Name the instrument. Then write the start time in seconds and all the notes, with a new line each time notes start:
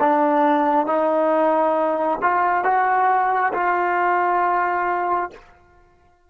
trombone
0.00 D4
0.86 D#4
2.22 F4
2.64 F#4
3.54 F4